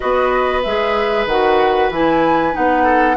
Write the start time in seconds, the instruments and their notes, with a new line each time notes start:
0.00 bassoon B3, clarinet F#4, oboe B4, flute D#5
0.62 bassoon G#3, clarinet G#4, flute E5
1.26 bassoon D#3, clarinet F#4, flute F#5
1.89 bassoon E3, clarinet E4, flute G#5
2.52 bassoon B3, clarinet D#4, flute F#5
2.83 oboe A4